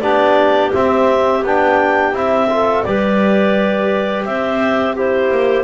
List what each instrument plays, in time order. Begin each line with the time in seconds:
0.00 double bass B3, trombone D4, clarinet G4 D5
0.73 trombone C4, double bass C4, clarinet E5
1.43 double bass B3, trombone D4, clarinet G5
2.12 double bass C4, trombone E4, clarinet E5
2.49 trombone F4, clarinet A4
2.83 double bass G3, trombone G4, clarinet B4 D5
4.25 double bass C4, clarinet C5 E5
4.94 trombone E4, clarinet G4 C5
5.31 double bass A#3